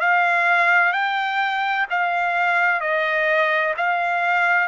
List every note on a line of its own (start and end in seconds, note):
0.00 0.92 F5
0.92 1.86 G5
1.90 2.80 F5
2.80 3.74 D#5
3.77 4.67 F5